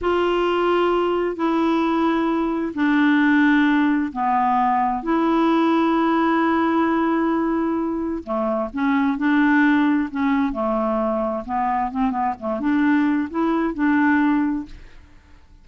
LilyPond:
\new Staff \with { instrumentName = "clarinet" } { \time 4/4 \tempo 4 = 131 f'2. e'4~ | e'2 d'2~ | d'4 b2 e'4~ | e'1~ |
e'2 a4 cis'4 | d'2 cis'4 a4~ | a4 b4 c'8 b8 a8 d'8~ | d'4 e'4 d'2 | }